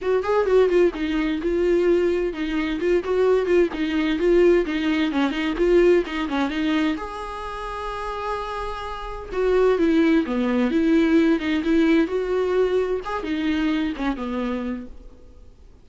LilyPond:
\new Staff \with { instrumentName = "viola" } { \time 4/4 \tempo 4 = 129 fis'8 gis'8 fis'8 f'8 dis'4 f'4~ | f'4 dis'4 f'8 fis'4 f'8 | dis'4 f'4 dis'4 cis'8 dis'8 | f'4 dis'8 cis'8 dis'4 gis'4~ |
gis'1 | fis'4 e'4 b4 e'4~ | e'8 dis'8 e'4 fis'2 | gis'8 dis'4. cis'8 b4. | }